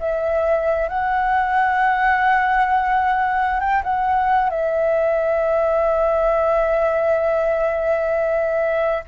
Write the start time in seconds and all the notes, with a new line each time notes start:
0.00 E5
0.89 F#5
3.60 G5
3.84 F#5
4.50 E5